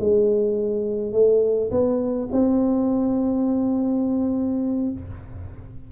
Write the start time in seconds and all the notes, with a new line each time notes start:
0.00 G#3
1.13 A3
1.71 B3
2.32 C4